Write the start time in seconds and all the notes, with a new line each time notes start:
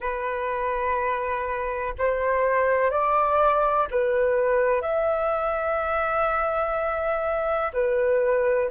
0.00 B4
1.98 C5
2.90 D5
3.90 B4
4.81 E5
7.73 B4